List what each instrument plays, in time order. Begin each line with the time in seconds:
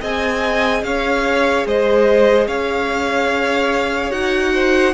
0.00 cello C4, viola G#4, violin D#5 G#5
0.83 cello C#4, violin C#5 F5
1.65 cello G#3, violin C5 D#5
2.47 cello C#4, violin C#5 F5
4.11 cello D#4, viola F#4, violin F#5
4.53 violin C5